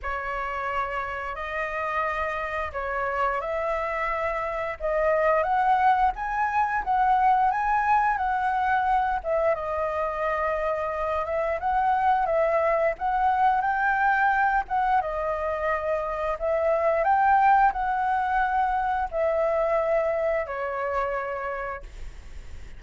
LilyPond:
\new Staff \with { instrumentName = "flute" } { \time 4/4 \tempo 4 = 88 cis''2 dis''2 | cis''4 e''2 dis''4 | fis''4 gis''4 fis''4 gis''4 | fis''4. e''8 dis''2~ |
dis''8 e''8 fis''4 e''4 fis''4 | g''4. fis''8 dis''2 | e''4 g''4 fis''2 | e''2 cis''2 | }